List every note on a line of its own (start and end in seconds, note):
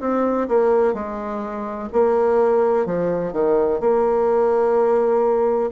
0.00 0.48 C4
0.48 0.93 A#3
0.93 1.88 G#3
1.92 2.86 A#3
2.86 3.32 F3
3.32 3.80 D#3
3.80 5.70 A#3